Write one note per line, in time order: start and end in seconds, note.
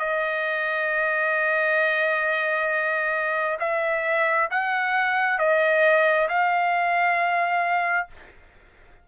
0.00 3.58 D#5
3.60 4.49 E5
4.51 5.39 F#5
5.39 6.29 D#5
6.29 8.08 F5